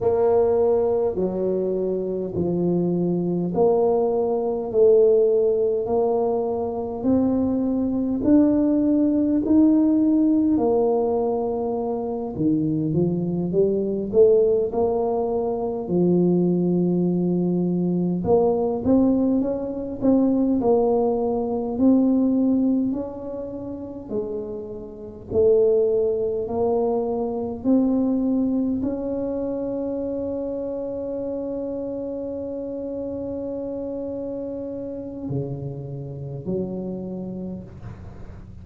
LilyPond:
\new Staff \with { instrumentName = "tuba" } { \time 4/4 \tempo 4 = 51 ais4 fis4 f4 ais4 | a4 ais4 c'4 d'4 | dis'4 ais4. dis8 f8 g8 | a8 ais4 f2 ais8 |
c'8 cis'8 c'8 ais4 c'4 cis'8~ | cis'8 gis4 a4 ais4 c'8~ | c'8 cis'2.~ cis'8~ | cis'2 cis4 fis4 | }